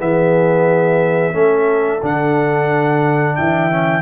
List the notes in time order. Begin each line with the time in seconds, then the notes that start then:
0.00 E3 B3 G#4 E5
1.33 A3 C#4 A4
2.03 D3 D4 F#5
3.36 E3 E5 G5
3.72 C#4